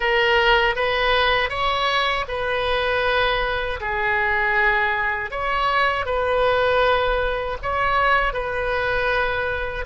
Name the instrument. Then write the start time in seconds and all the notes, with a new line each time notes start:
oboe
0.00 A#4
0.75 B4
1.49 C#5
2.28 B4
3.80 G#4
5.30 C#5
6.05 B4
7.62 C#5
8.33 B4